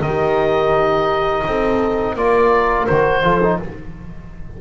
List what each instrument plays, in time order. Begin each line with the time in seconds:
0.00 double bass D#3, trombone D#4, horn G4, oboe D#5
1.46 double bass C4, horn A4
2.15 double bass A#3, trombone F4, horn A#4, oboe D5
2.86 double bass D#3, trombone F#4, oboe C5
3.23 double bass F3, trombone F4, horn A4
3.43 trombone D#4